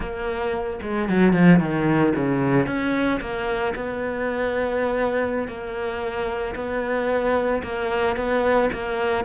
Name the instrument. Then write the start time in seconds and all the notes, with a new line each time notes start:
cello
0.00 A#3
0.82 G#3
1.09 F#3
1.32 F3
1.59 D#3
2.15 C#3
2.66 C#4
3.20 A#3
3.75 B3
5.47 A#3
6.55 B3
7.63 A#3
8.16 B3
8.72 A#3